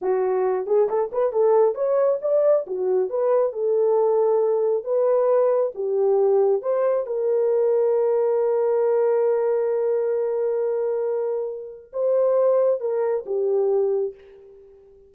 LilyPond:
\new Staff \with { instrumentName = "horn" } { \time 4/4 \tempo 4 = 136 fis'4. gis'8 a'8 b'8 a'4 | cis''4 d''4 fis'4 b'4 | a'2. b'4~ | b'4 g'2 c''4 |
ais'1~ | ais'1~ | ais'2. c''4~ | c''4 ais'4 g'2 | }